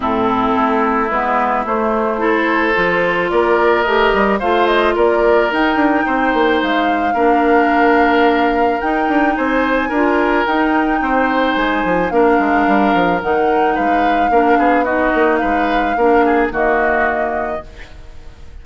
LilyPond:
<<
  \new Staff \with { instrumentName = "flute" } { \time 4/4 \tempo 4 = 109 a'2 b'4 c''4~ | c''2 d''4 dis''4 | f''8 dis''8 d''4 g''2 | f''1 |
g''4 gis''2 g''4~ | g''4 gis''4 f''2 | fis''4 f''2 dis''4 | f''2 dis''2 | }
  \new Staff \with { instrumentName = "oboe" } { \time 4/4 e'1 | a'2 ais'2 | c''4 ais'2 c''4~ | c''4 ais'2.~ |
ais'4 c''4 ais'2 | c''2 ais'2~ | ais'4 b'4 ais'8 gis'8 fis'4 | b'4 ais'8 gis'8 fis'2 | }
  \new Staff \with { instrumentName = "clarinet" } { \time 4/4 c'2 b4 a4 | e'4 f'2 g'4 | f'2 dis'2~ | dis'4 d'2. |
dis'2 f'4 dis'4~ | dis'2 d'2 | dis'2 d'4 dis'4~ | dis'4 d'4 ais2 | }
  \new Staff \with { instrumentName = "bassoon" } { \time 4/4 a,4 a4 gis4 a4~ | a4 f4 ais4 a8 g8 | a4 ais4 dis'8 d'8 c'8 ais8 | gis4 ais2. |
dis'8 d'8 c'4 d'4 dis'4 | c'4 gis8 f8 ais8 gis8 g8 f8 | dis4 gis4 ais8 b4 ais8 | gis4 ais4 dis2 | }
>>